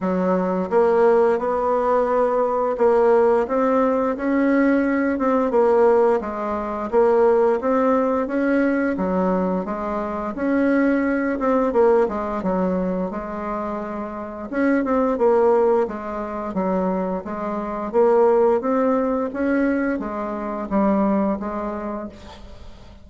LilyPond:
\new Staff \with { instrumentName = "bassoon" } { \time 4/4 \tempo 4 = 87 fis4 ais4 b2 | ais4 c'4 cis'4. c'8 | ais4 gis4 ais4 c'4 | cis'4 fis4 gis4 cis'4~ |
cis'8 c'8 ais8 gis8 fis4 gis4~ | gis4 cis'8 c'8 ais4 gis4 | fis4 gis4 ais4 c'4 | cis'4 gis4 g4 gis4 | }